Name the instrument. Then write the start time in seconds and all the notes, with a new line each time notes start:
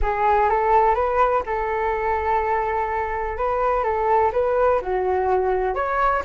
flute
0.02 G#4
0.49 A4
0.94 B4
1.46 A4
3.37 B4
3.83 A4
4.32 B4
4.81 F#4
5.75 C#5